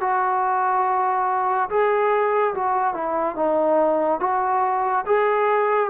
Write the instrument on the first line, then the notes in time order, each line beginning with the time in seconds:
trombone
0.00 F#4
1.69 G#4
2.54 F#4
2.93 E4
3.35 D#4
4.20 F#4
5.06 G#4